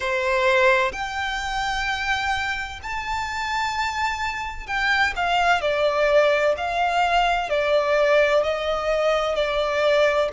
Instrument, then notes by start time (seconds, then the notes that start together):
violin
0.00 C5
0.92 G5
2.83 A5
4.66 G5
5.16 F5
5.61 D5
6.57 F5
7.49 D5
8.43 D#5
9.35 D5